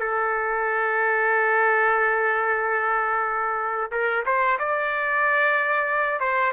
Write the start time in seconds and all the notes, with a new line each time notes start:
0.00 A4
3.91 A#4
4.26 C5
4.59 D5
6.20 C5